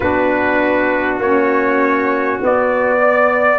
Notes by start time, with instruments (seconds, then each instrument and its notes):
0.00 tuba B3, saxophone D4, trumpet F#4 B4
1.18 tuba A#3, saxophone C#4, trumpet C#5
2.41 saxophone B3, tuba B3, trumpet D5
3.00 trumpet D5